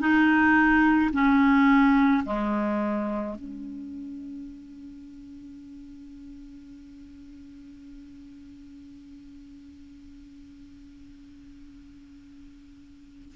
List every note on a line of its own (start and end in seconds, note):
0.00 1.11 D#4
1.13 2.24 C#4
2.25 3.35 G#3
3.35 13.35 C#4